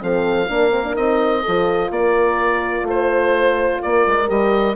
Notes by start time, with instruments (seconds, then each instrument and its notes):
0.00 bassoon F3, horn C4 A4, oboe F5
0.49 bassoon A#3, horn D4 A#4
0.71 horn C4
0.84 horn D4
0.95 bassoon C4, horn D#4, oboe D#5
1.43 bassoon F3, horn F4 A4
1.91 bassoon A#3, horn A#4, oboe D5
2.83 bassoon A3, horn C5
2.90 oboe C5
3.83 bassoon A#3, horn A#4, oboe D5
4.07 bassoon G#3
4.28 bassoon G3, horn G4, oboe D#5